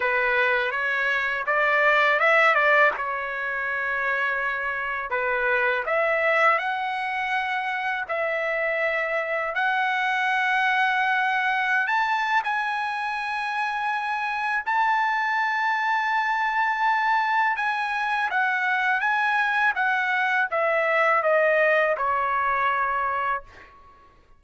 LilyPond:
\new Staff \with { instrumentName = "trumpet" } { \time 4/4 \tempo 4 = 82 b'4 cis''4 d''4 e''8 d''8 | cis''2. b'4 | e''4 fis''2 e''4~ | e''4 fis''2.~ |
fis''16 a''8. gis''2. | a''1 | gis''4 fis''4 gis''4 fis''4 | e''4 dis''4 cis''2 | }